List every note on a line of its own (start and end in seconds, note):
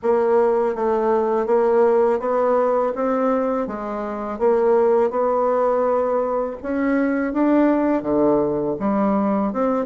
0.02 0.75 A#3
0.75 1.46 A3
1.46 2.19 A#3
2.19 2.92 B3
2.95 3.67 C4
3.67 4.38 G#3
4.38 5.10 A#3
5.10 6.56 B3
6.62 7.33 C#4
7.33 8.02 D4
8.02 8.75 D3
8.79 9.52 G3
9.52 9.85 C4